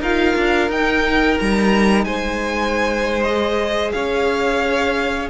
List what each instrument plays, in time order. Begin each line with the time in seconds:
0.00 cello D#4, viola F4, violin A#4 F5
0.36 cello D4
0.68 cello D#4, viola D#4, violin G5
1.38 cello G3, violin A#5
2.04 cello G#3, violin C5 G#5
3.23 viola G#4, violin D#5
3.92 cello C#4, violin C#5 F5